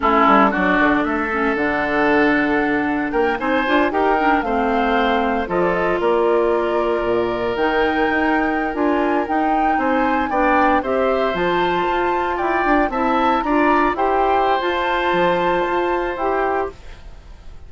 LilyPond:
<<
  \new Staff \with { instrumentName = "flute" } { \time 4/4 \tempo 4 = 115 a'4 d''4 e''4 fis''4~ | fis''2 g''8 gis''4 g''8~ | g''8 f''2 dis''16 d''16 dis''8 d''8~ | d''2~ d''8 g''4.~ |
g''8. gis''4 g''4 gis''4 g''16~ | g''8. e''4 a''2 g''16~ | g''8. a''4 ais''4 g''4~ g''16 | a''2. g''4 | }
  \new Staff \with { instrumentName = "oboe" } { \time 4/4 e'4 fis'4 a'2~ | a'2 ais'8 c''4 ais'8~ | ais'8 c''2 a'4 ais'8~ | ais'1~ |
ais'2~ ais'8. c''4 d''16~ | d''8. c''2. d''16~ | d''8. e''4 d''4 c''4~ c''16~ | c''1 | }
  \new Staff \with { instrumentName = "clarinet" } { \time 4/4 cis'4 d'4. cis'8 d'4~ | d'2~ d'8 dis'8 f'8 g'8 | d'8 c'2 f'4.~ | f'2~ f'8 dis'4.~ |
dis'8. f'4 dis'2 d'16~ | d'8. g'4 f'2~ f'16~ | f'8. e'4 f'4 g'4~ g'16 | f'2. g'4 | }
  \new Staff \with { instrumentName = "bassoon" } { \time 4/4 a8 g8 fis8 d8 a4 d4~ | d2 ais8 c'8 d'8 dis'8~ | dis'8 a2 f4 ais8~ | ais4. ais,4 dis4 dis'8~ |
dis'8. d'4 dis'4 c'4 b16~ | b8. c'4 f4 f'4 e'16~ | e'16 d'8 c'4 d'4 e'4~ e'16 | f'4 f4 f'4 e'4 | }
>>